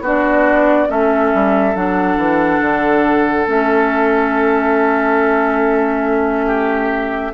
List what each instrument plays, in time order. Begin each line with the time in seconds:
0.00 bassoon B3, clarinet D4, oboe F#4
0.06 flute D5
0.88 bassoon A3, clarinet C#4, oboe A4, flute E5
1.34 bassoon G3
1.75 bassoon F#3, clarinet D4, flute F#5
2.17 bassoon E3
2.60 bassoon D3
3.46 bassoon A3, clarinet C#4, flute E5
6.46 oboe G4